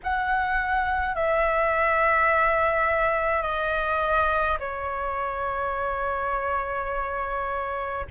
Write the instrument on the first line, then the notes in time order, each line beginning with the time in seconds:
flute
0.03 F#5
1.15 E5
3.42 D#5
4.59 C#5